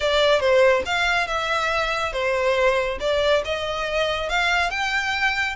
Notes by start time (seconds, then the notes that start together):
0.00 D5
0.40 C5
0.85 F5
1.27 E5
2.12 C5
3.00 D5
3.45 D#5
4.29 F5
4.70 G5